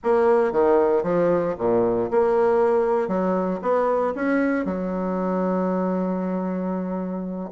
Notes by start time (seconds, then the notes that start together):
0.03 A#3
0.51 D#3
1.03 F3
1.58 A#2
2.10 A#3
3.08 F#3
3.61 B3
4.15 C#4
4.65 F#3